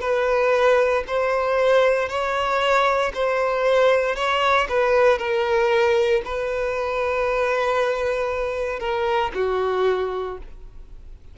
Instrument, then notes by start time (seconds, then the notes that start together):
violin
0.00 B4
1.07 C5
2.08 C#5
3.14 C5
4.15 C#5
4.68 B4
5.18 A#4
6.24 B4
8.79 A#4
9.34 F#4